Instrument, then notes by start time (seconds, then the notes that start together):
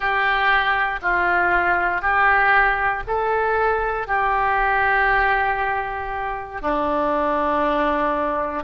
oboe
0.00 G4
1.02 F4
2.01 G4
3.07 A4
4.07 G4
6.61 D4